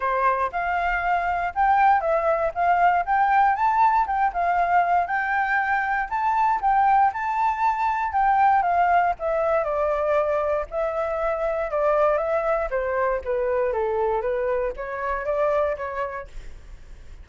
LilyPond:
\new Staff \with { instrumentName = "flute" } { \time 4/4 \tempo 4 = 118 c''4 f''2 g''4 | e''4 f''4 g''4 a''4 | g''8 f''4. g''2 | a''4 g''4 a''2 |
g''4 f''4 e''4 d''4~ | d''4 e''2 d''4 | e''4 c''4 b'4 a'4 | b'4 cis''4 d''4 cis''4 | }